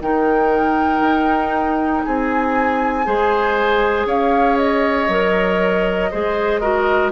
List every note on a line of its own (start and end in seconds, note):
0.00 1.00 D#3
0.00 3.05 D#4
0.00 2.05 A#4
0.00 2.03 G5
1.00 2.02 D#4
2.03 3.06 C4
2.03 3.05 G#4
2.03 4.07 G#5
3.05 4.05 G#3
3.05 5.08 G#4
3.05 4.06 C5
4.05 5.07 C#4
4.05 6.10 C#5
4.05 4.57 F5
4.57 7.11 D#5
5.08 6.09 F#3
5.08 6.11 A#4
6.10 7.11 G#3
6.10 6.61 G#4
6.10 6.60 C5
6.60 7.11 F#4
6.60 7.11 A#4